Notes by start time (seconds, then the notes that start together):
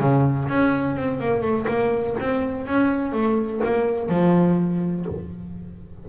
0.00 C#3
0.49 C#4
0.97 C4
1.20 A#3
1.42 A3
1.68 A#3
2.20 C4
2.67 C#4
3.13 A3
3.64 A#3
4.09 F3